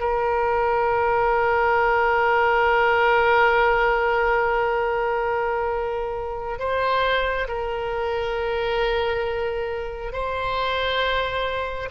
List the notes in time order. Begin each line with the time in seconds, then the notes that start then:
0.00 A#4
6.60 C5
7.48 A#4
10.13 C5